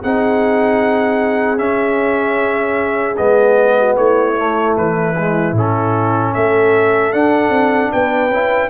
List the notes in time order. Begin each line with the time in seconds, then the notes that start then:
0.00 C4 D#4 G#4 F#5
1.57 C#4 E5
3.16 G#3 B3 D#5
3.78 F#4
3.96 A3 E4 C#5
4.36 A3
4.77 E3 B4
5.18 G#3
5.52 A2 C#4 A4
6.34 A3 A4 E5
7.12 D4 F#5
7.49 C4
7.92 B3 B4 G5
8.29 C#4 E4